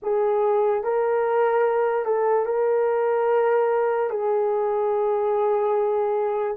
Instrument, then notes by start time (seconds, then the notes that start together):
horn
0.02 G#4
0.83 A#4
2.05 A4
2.45 A#4
4.09 G#4